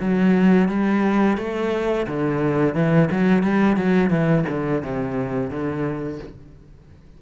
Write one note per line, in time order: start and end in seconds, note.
0.00 0.69 F#3
0.69 1.38 G3
1.38 2.07 A3
2.07 2.75 D3
2.75 3.09 E3
3.11 3.43 F#3
3.43 3.76 G3
3.76 4.10 F#3
4.10 4.45 E3
4.49 4.83 D3
4.83 5.50 C3
5.50 6.19 D3